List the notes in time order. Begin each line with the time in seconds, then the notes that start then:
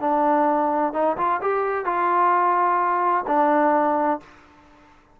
0.00 D4
0.93 D#4
1.17 F4
1.41 G4
1.85 F4
3.27 D4